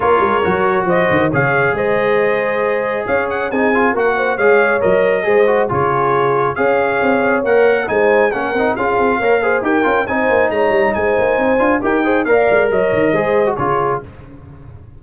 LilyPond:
<<
  \new Staff \with { instrumentName = "trumpet" } { \time 4/4 \tempo 4 = 137 cis''2 dis''4 f''4 | dis''2. f''8 fis''8 | gis''4 fis''4 f''4 dis''4~ | dis''4 cis''2 f''4~ |
f''4 fis''4 gis''4 fis''4 | f''2 g''4 gis''4 | ais''4 gis''2 g''4 | f''4 dis''2 cis''4 | }
  \new Staff \with { instrumentName = "horn" } { \time 4/4 ais'2 c''4 cis''4 | c''2. cis''4 | gis'4 ais'8 c''8 cis''2 | c''4 gis'2 cis''4~ |
cis''2 c''4 ais'4 | gis'4 cis''8 c''8 ais'4 c''4 | cis''4 c''2 ais'8 c''8 | d''4 cis''4 c''4 gis'4 | }
  \new Staff \with { instrumentName = "trombone" } { \time 4/4 f'4 fis'2 gis'4~ | gis'1 | dis'8 f'8 fis'4 gis'4 ais'4 | gis'8 fis'8 f'2 gis'4~ |
gis'4 ais'4 dis'4 cis'8 dis'8 | f'4 ais'8 gis'8 g'8 f'8 dis'4~ | dis'2~ dis'8 f'8 g'8 gis'8 | ais'2 gis'8. fis'16 f'4 | }
  \new Staff \with { instrumentName = "tuba" } { \time 4/4 ais8 gis8 fis4 f8 dis8 cis4 | gis2. cis'4 | c'4 ais4 gis4 fis4 | gis4 cis2 cis'4 |
c'4 ais4 gis4 ais8 c'8 | cis'8 c'8 ais4 dis'8 cis'8 c'8 ais8 | gis8 g8 gis8 ais8 c'8 d'8 dis'4 | ais8 gis8 fis8 dis8 gis4 cis4 | }
>>